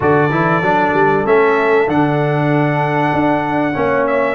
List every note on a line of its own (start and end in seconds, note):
0.00 0.30 D3
0.00 0.29 F#4
0.00 3.74 A4
0.00 1.26 D5
0.30 0.61 E3
0.30 0.62 E4
0.61 0.93 F#3
0.61 1.25 D4
0.93 1.24 G3
1.25 1.87 A3
1.25 1.87 C#4
1.25 1.89 E5
1.87 3.12 D3
1.87 3.73 D4
1.87 4.06 F#5
3.13 3.75 D4
3.73 4.35 A#3
3.73 4.35 C#4
3.73 4.35 C#5
4.06 4.35 E5